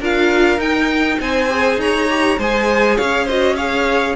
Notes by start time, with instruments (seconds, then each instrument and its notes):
0.00 cello D4, viola F4, violin A#4 F5
0.59 cello D#4, viola D#4, violin G5
1.20 cello C4, violin C5 G#5
1.49 viola G#4
1.77 cello D#4, violin C#5 A#5
2.10 viola G4
2.39 cello G#3, viola G#4, violin C5 G#5
2.97 cello C#4, violin C#5 F5
3.25 viola F#4, violin C5 D#5
3.56 viola G#4, violin C#5 F5